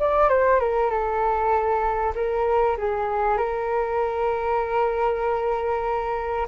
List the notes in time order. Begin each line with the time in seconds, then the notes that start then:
0.00 D5
0.29 C5
0.60 A#4
0.91 A4
2.15 A#4
2.78 G#4
3.38 A#4